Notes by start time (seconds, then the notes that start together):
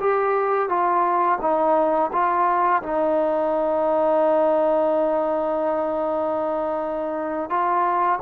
0.00 G4
0.69 F4
1.41 D#4
2.13 F4
2.83 D#4
7.50 F4